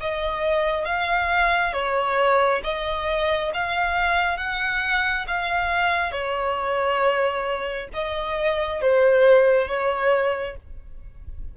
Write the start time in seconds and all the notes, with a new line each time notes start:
0.00 D#5
0.85 F5
1.73 C#5
2.64 D#5
3.54 F5
4.37 F#5
5.27 F5
6.12 C#5
7.93 D#5
8.81 C5
9.68 C#5